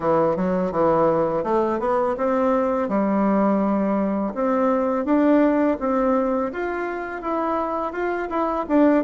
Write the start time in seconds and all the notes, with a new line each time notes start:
0.00 E3
0.36 F#3
0.71 E3
1.43 A3
1.79 B3
2.17 C4
2.88 G3
4.34 C4
5.05 D4
5.79 C4
6.52 F4
7.21 E4
7.92 F4
8.29 E4
8.68 D4